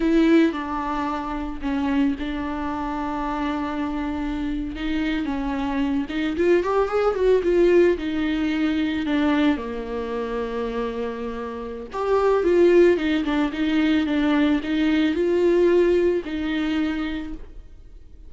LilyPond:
\new Staff \with { instrumentName = "viola" } { \time 4/4 \tempo 4 = 111 e'4 d'2 cis'4 | d'1~ | d'8. dis'4 cis'4. dis'8 f'16~ | f'16 g'8 gis'8 fis'8 f'4 dis'4~ dis'16~ |
dis'8. d'4 ais2~ ais16~ | ais2 g'4 f'4 | dis'8 d'8 dis'4 d'4 dis'4 | f'2 dis'2 | }